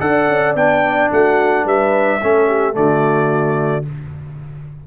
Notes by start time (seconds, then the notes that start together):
0.00 D4 A4 D5 F#5
0.28 C#4
0.55 B3 D4 G5
1.11 A3 F#4 F#5
1.64 G3 B4 E5
2.23 A3 C#4 A4
2.48 G4
2.73 D3 A3 F#4 D5